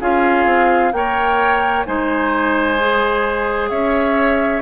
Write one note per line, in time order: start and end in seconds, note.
0.00 0.46 C#4
0.00 0.92 F4
0.00 0.92 G#4
0.00 0.92 F5
0.46 0.92 C4
0.92 1.85 A#3
0.92 1.85 A#4
0.92 1.87 C#5
0.92 1.85 G5
1.86 3.70 G#3
1.86 2.78 D#4
1.86 3.70 C5
1.86 3.69 G#5
2.79 4.62 G#4
3.69 4.62 C#4
3.69 4.62 C#5
3.69 4.62 E5